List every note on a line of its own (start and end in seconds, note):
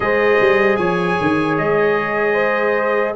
0.00 0.38 G#3
0.00 3.14 G#4
0.00 0.78 C5
0.00 0.76 D#5
0.40 0.78 G3
0.76 1.18 F3
0.76 2.33 C#5
0.76 1.55 G#5
1.21 1.58 D#3
1.58 3.16 G#3
1.58 3.15 D#5
2.33 3.12 C5